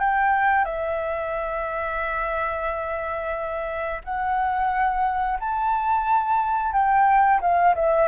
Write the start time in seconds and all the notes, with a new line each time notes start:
0.00 G5
0.65 E5
4.05 F#5
5.40 A5
6.73 G5
7.42 F5
7.75 E5